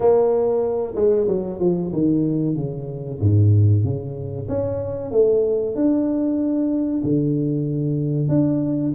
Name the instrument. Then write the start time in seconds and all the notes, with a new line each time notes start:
tuba
0.00 A#3
0.95 G#3
1.27 F#3
1.59 F3
1.93 D#3
2.56 C#3
3.20 G#2
3.84 C#3
4.48 C#4
5.11 A3
5.74 D4
7.03 D3
8.28 D4